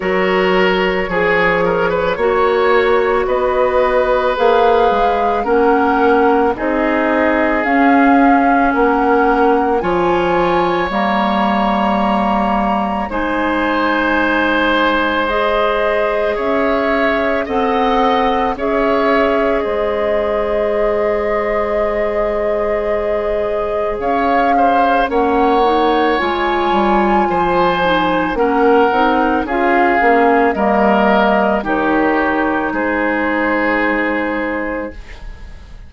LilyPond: <<
  \new Staff \with { instrumentName = "flute" } { \time 4/4 \tempo 4 = 55 cis''2. dis''4 | f''4 fis''4 dis''4 f''4 | fis''4 gis''4 ais''2 | gis''2 dis''4 e''4 |
fis''4 e''4 dis''2~ | dis''2 f''4 fis''4 | gis''2 fis''4 f''4 | dis''4 cis''4 c''2 | }
  \new Staff \with { instrumentName = "oboe" } { \time 4/4 ais'4 gis'8 ais'16 b'16 cis''4 b'4~ | b'4 ais'4 gis'2 | ais'4 cis''2. | c''2. cis''4 |
dis''4 cis''4 c''2~ | c''2 cis''8 c''8 cis''4~ | cis''4 c''4 ais'4 gis'4 | ais'4 g'4 gis'2 | }
  \new Staff \with { instrumentName = "clarinet" } { \time 4/4 fis'4 gis'4 fis'2 | gis'4 cis'4 dis'4 cis'4~ | cis'4 f'4 ais2 | dis'2 gis'2 |
a'4 gis'2.~ | gis'2. cis'8 dis'8 | f'4. dis'8 cis'8 dis'8 f'8 cis'8 | ais4 dis'2. | }
  \new Staff \with { instrumentName = "bassoon" } { \time 4/4 fis4 f4 ais4 b4 | ais8 gis8 ais4 c'4 cis'4 | ais4 f4 g2 | gis2. cis'4 |
c'4 cis'4 gis2~ | gis2 cis'4 ais4 | gis8 g8 f4 ais8 c'8 cis'8 ais8 | g4 dis4 gis2 | }
>>